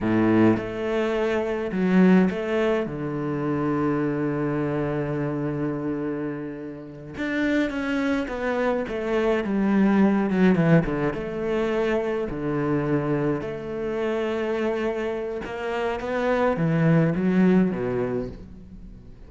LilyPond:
\new Staff \with { instrumentName = "cello" } { \time 4/4 \tempo 4 = 105 a,4 a2 fis4 | a4 d2.~ | d1~ | d8 d'4 cis'4 b4 a8~ |
a8 g4. fis8 e8 d8 a8~ | a4. d2 a8~ | a2. ais4 | b4 e4 fis4 b,4 | }